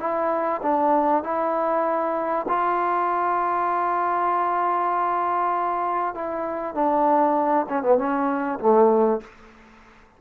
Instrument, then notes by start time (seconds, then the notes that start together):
trombone
0.00 E4
0.62 D4
1.24 E4
2.49 F4
6.15 E4
6.75 D4
7.69 C#4
7.83 B3
7.98 C#4
8.60 A3